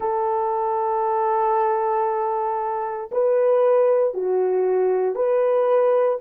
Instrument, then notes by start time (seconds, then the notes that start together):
horn
0.00 A4
3.11 B4
4.14 F#4
5.14 B4